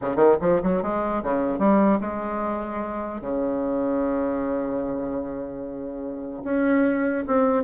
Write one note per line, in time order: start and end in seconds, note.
0.01 0.16 C#3
0.16 0.36 D#3
0.40 0.61 F3
0.62 0.82 F#3
0.82 1.22 G#3
1.23 1.58 C#3
1.58 1.99 G3
2.00 3.21 G#3
3.21 6.43 C#3
6.44 7.24 C#4
7.27 7.63 C4